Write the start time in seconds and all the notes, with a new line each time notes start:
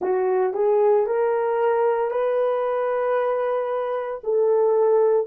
0.00 F#4
0.53 G#4
1.06 A#4
2.11 B4
4.23 A4